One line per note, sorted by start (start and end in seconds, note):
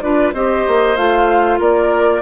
0.00 0.33 D4
0.00 0.34 F4
0.00 0.34 B4
0.00 0.31 D5
0.33 0.64 C4
0.33 0.97 G4
0.33 1.59 C5
0.33 0.96 D#5
0.67 0.97 A#3
0.96 1.59 A3
0.96 2.22 F4
0.96 1.59 F5
1.59 2.22 A#3
1.59 2.21 A#4
1.59 2.22 D5